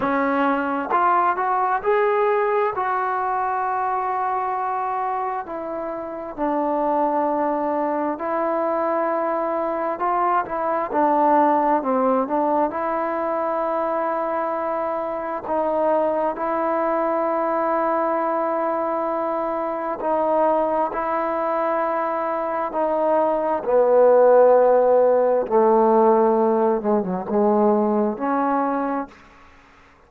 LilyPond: \new Staff \with { instrumentName = "trombone" } { \time 4/4 \tempo 4 = 66 cis'4 f'8 fis'8 gis'4 fis'4~ | fis'2 e'4 d'4~ | d'4 e'2 f'8 e'8 | d'4 c'8 d'8 e'2~ |
e'4 dis'4 e'2~ | e'2 dis'4 e'4~ | e'4 dis'4 b2 | a4. gis16 fis16 gis4 cis'4 | }